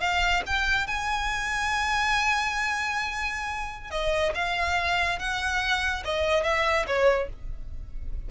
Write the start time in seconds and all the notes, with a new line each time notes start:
0.00 F5
0.46 G5
0.87 G#5
3.90 D#5
4.34 F5
5.19 F#5
6.04 D#5
6.43 E5
6.87 C#5